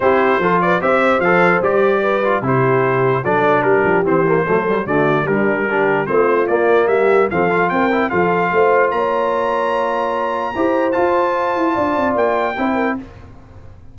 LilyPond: <<
  \new Staff \with { instrumentName = "trumpet" } { \time 4/4 \tempo 4 = 148 c''4. d''8 e''4 f''4 | d''2 c''2 | d''4 ais'4 c''2 | d''4 ais'2 c''4 |
d''4 e''4 f''4 g''4 | f''2 ais''2~ | ais''2. a''4~ | a''2 g''2 | }
  \new Staff \with { instrumentName = "horn" } { \time 4/4 g'4 a'8 b'8 c''2~ | c''4 b'4 g'2 | a'4 g'2 a'4 | fis'4 d'4 g'4 f'4~ |
f'4 g'4 a'4 ais'4 | a'4 c''4 cis''2~ | cis''2 c''2~ | c''4 d''2 c''8 ais'8 | }
  \new Staff \with { instrumentName = "trombone" } { \time 4/4 e'4 f'4 g'4 a'4 | g'4. f'8 e'2 | d'2 c'8 ais8 a8 g8 | a4 g4 d'4 c'4 |
ais2 c'8 f'4 e'8 | f'1~ | f'2 g'4 f'4~ | f'2. e'4 | }
  \new Staff \with { instrumentName = "tuba" } { \time 4/4 c'4 f4 c'4 f4 | g2 c2 | fis4 g8 f8 e4 fis4 | d4 g2 a4 |
ais4 g4 f4 c'4 | f4 a4 ais2~ | ais2 e'4 f'4~ | f'8 e'8 d'8 c'8 ais4 c'4 | }
>>